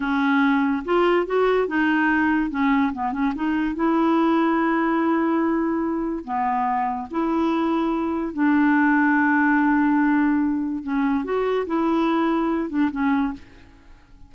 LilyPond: \new Staff \with { instrumentName = "clarinet" } { \time 4/4 \tempo 4 = 144 cis'2 f'4 fis'4 | dis'2 cis'4 b8 cis'8 | dis'4 e'2.~ | e'2. b4~ |
b4 e'2. | d'1~ | d'2 cis'4 fis'4 | e'2~ e'8 d'8 cis'4 | }